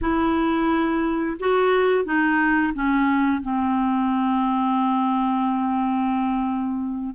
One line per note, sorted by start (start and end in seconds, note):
0.01 1.37 E4
1.39 2.05 F#4
2.05 2.73 D#4
2.74 3.42 C#4
3.42 7.15 C4